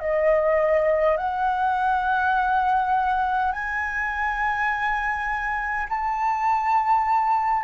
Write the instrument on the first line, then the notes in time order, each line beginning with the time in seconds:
flute
0.00 D#5
1.18 F#5
3.53 G#5
5.90 A5